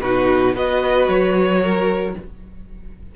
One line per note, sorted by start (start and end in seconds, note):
0.00 0.55 B2
0.00 0.55 D#4
0.00 0.55 F#4
0.00 0.54 B4
0.55 1.08 B3
0.55 2.15 F#4
0.55 1.61 B4
0.55 1.09 D#5
1.08 2.15 F#3
1.08 2.16 C#5
1.61 2.15 A#4